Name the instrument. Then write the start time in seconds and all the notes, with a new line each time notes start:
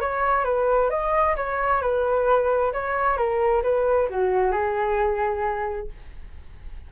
flute
0.00 C#5
0.44 B4
0.90 D#5
1.36 C#5
1.81 B4
2.73 C#5
3.17 A#4
3.63 B4
4.10 F#4
4.51 G#4